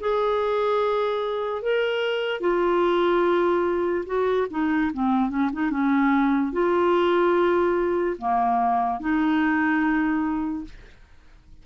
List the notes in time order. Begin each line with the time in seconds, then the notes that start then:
0.00 G#4
1.62 A#4
2.40 F4
4.06 F#4
4.50 D#4
4.93 C4
5.29 C#4
5.53 D#4
5.70 C#4
6.52 F4
8.18 A#3
9.00 D#4